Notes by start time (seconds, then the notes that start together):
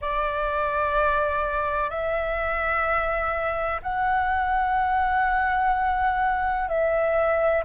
0.01 D5
1.90 E5
3.82 F#5
6.68 E5